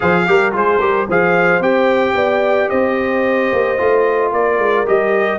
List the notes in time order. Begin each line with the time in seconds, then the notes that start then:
0.00 F3 G#4 C5 F5
0.26 G3 G4 A#4
0.51 G#3 F4 G#4 C5
0.79 G3 G4 A#4
1.07 F3 G#4 C5 F5
1.60 C4 G4 G5
2.15 B3 D5
2.69 C4 C5 D#5
3.52 A#3
3.77 A3 F4
4.32 A#3 A#4 D5
4.58 G#3
4.86 G3 G4 D#5